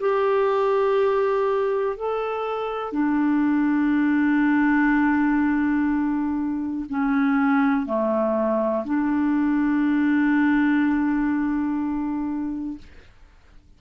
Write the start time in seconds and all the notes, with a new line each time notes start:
0.00 G4
1.96 A4
2.92 D4
6.89 C#4
7.86 A3
8.84 D4